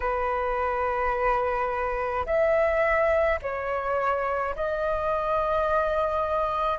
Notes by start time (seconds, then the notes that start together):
0.00 B4
2.25 E5
3.42 C#5
4.55 D#5